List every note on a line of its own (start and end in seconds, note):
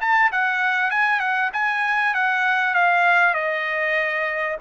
0.00 0.31 A5
0.31 0.90 F#5
0.90 1.19 G#5
1.19 1.50 F#5
1.53 2.14 G#5
2.14 2.74 F#5
2.74 3.34 F5
3.34 4.56 D#5